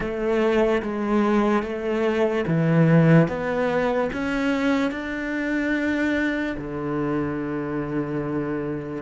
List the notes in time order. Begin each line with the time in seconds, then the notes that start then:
0.00 A3
0.82 G#3
1.62 A3
2.47 E3
3.28 B3
4.12 C#4
4.91 D4
6.57 D3